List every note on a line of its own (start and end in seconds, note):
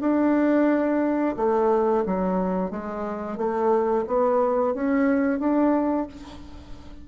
0.00 1.35 D4
1.36 2.04 A3
2.05 2.70 F#3
2.70 3.37 G#3
3.37 4.04 A3
4.07 4.74 B3
4.74 5.39 C#4
5.39 6.06 D4